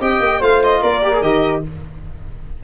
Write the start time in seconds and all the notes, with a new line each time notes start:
0.00 C4 G4 D#5 G5
0.20 A#3
0.40 A3 F4 C5 F5
0.63 D#5
0.81 A#3 A#4 D5
1.02 G4
1.13 G#4
1.21 D#3 G4 D#5